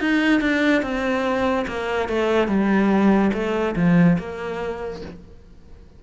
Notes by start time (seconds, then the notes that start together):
0.00 D#4
0.41 D4
0.82 C4
1.67 A#3
2.09 A3
2.48 G3
3.33 A3
3.76 F3
4.19 A#3